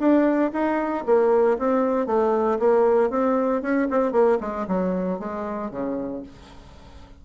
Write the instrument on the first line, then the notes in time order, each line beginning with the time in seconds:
bassoon
0.00 D4
0.53 D#4
1.07 A#3
1.59 C4
2.07 A3
2.60 A#3
3.11 C4
3.62 C#4
3.91 C4
4.13 A#3
4.41 G#3
4.68 F#3
5.20 G#3
5.72 C#3